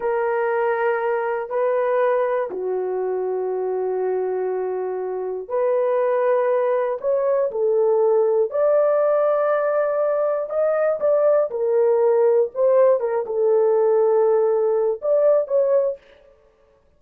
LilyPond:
\new Staff \with { instrumentName = "horn" } { \time 4/4 \tempo 4 = 120 ais'2. b'4~ | b'4 fis'2.~ | fis'2. b'4~ | b'2 cis''4 a'4~ |
a'4 d''2.~ | d''4 dis''4 d''4 ais'4~ | ais'4 c''4 ais'8 a'4.~ | a'2 d''4 cis''4 | }